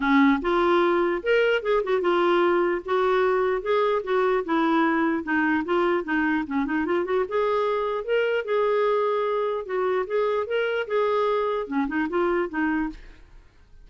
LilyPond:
\new Staff \with { instrumentName = "clarinet" } { \time 4/4 \tempo 4 = 149 cis'4 f'2 ais'4 | gis'8 fis'8 f'2 fis'4~ | fis'4 gis'4 fis'4 e'4~ | e'4 dis'4 f'4 dis'4 |
cis'8 dis'8 f'8 fis'8 gis'2 | ais'4 gis'2. | fis'4 gis'4 ais'4 gis'4~ | gis'4 cis'8 dis'8 f'4 dis'4 | }